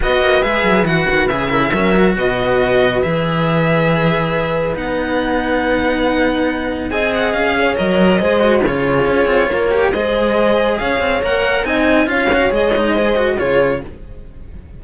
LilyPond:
<<
  \new Staff \with { instrumentName = "violin" } { \time 4/4 \tempo 4 = 139 dis''4 e''4 fis''4 e''4~ | e''4 dis''2 e''4~ | e''2. fis''4~ | fis''1 |
gis''8 fis''8 f''4 dis''2 | cis''2. dis''4~ | dis''4 f''4 fis''4 gis''4 | f''4 dis''2 cis''4 | }
  \new Staff \with { instrumentName = "horn" } { \time 4/4 b'2.~ b'8 ais'16 gis'16 | ais'4 b'2.~ | b'1~ | b'1 |
dis''4. cis''4. c''4 | gis'2 ais'4 c''4~ | c''4 cis''2 dis''4 | cis''2 c''4 gis'4 | }
  \new Staff \with { instrumentName = "cello" } { \time 4/4 fis'4 gis'4 fis'4 gis'8 e'8 | cis'8 fis'2~ fis'8 gis'4~ | gis'2. dis'4~ | dis'1 |
gis'2 ais'4 gis'8 fis'8 | f'2~ f'8 g'8 gis'4~ | gis'2 ais'4 dis'4 | f'8 fis'8 gis'8 dis'8 gis'8 fis'8 f'4 | }
  \new Staff \with { instrumentName = "cello" } { \time 4/4 b8 ais8 gis8 fis8 e8 dis8 cis4 | fis4 b,2 e4~ | e2. b4~ | b1 |
c'4 cis'4 fis4 gis4 | cis4 cis'8 c'8 ais4 gis4~ | gis4 cis'8 c'8 ais4 c'4 | cis'4 gis2 cis4 | }
>>